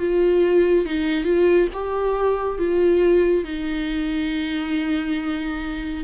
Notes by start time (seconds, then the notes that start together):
0.00 F4
0.86 D#4
1.25 F4
1.74 G4
2.58 F4
3.45 D#4